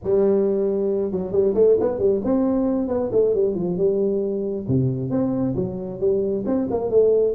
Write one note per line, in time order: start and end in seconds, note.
0.03 1.11 G3
1.11 1.32 F#3
1.32 1.54 G3
1.54 1.76 A3
1.80 1.98 B3
1.98 2.21 G3
2.24 2.88 C4
2.88 3.10 B3
3.12 3.34 A3
3.34 3.54 G3
3.54 3.77 F3
3.77 4.65 G3
4.67 5.10 C3
5.10 5.54 C4
5.55 6.00 F#3
6.00 6.44 G3
6.45 6.68 C4
6.70 6.90 A#3
6.90 7.34 A3